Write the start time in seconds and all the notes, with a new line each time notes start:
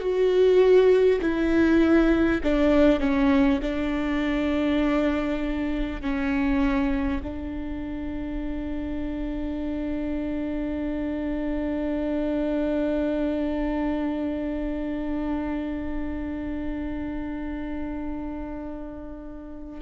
0.00 F#4
1.21 E4
2.44 D4
3.00 C#4
3.62 D4
6.02 C#4
7.23 D4